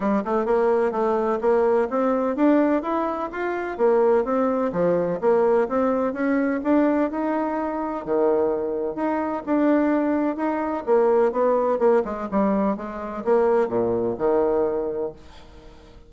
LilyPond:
\new Staff \with { instrumentName = "bassoon" } { \time 4/4 \tempo 4 = 127 g8 a8 ais4 a4 ais4 | c'4 d'4 e'4 f'4 | ais4 c'4 f4 ais4 | c'4 cis'4 d'4 dis'4~ |
dis'4 dis2 dis'4 | d'2 dis'4 ais4 | b4 ais8 gis8 g4 gis4 | ais4 ais,4 dis2 | }